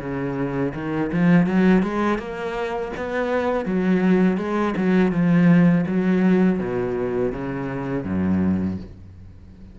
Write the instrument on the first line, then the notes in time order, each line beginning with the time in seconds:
cello
0.00 C#3
0.75 D#3
1.12 F3
1.46 F#3
1.83 G#3
2.19 A#3
2.97 B3
3.66 F#3
4.38 G#3
4.77 F#3
5.12 F3
5.87 F#3
6.60 B2
7.32 C#3
8.05 F#2